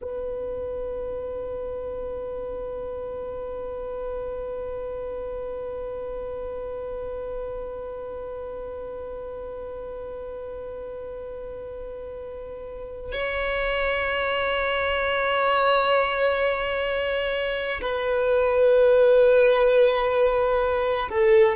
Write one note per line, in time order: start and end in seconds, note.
0.01 13.12 B4
13.12 17.80 C#5
17.81 21.09 B4
21.09 21.55 A4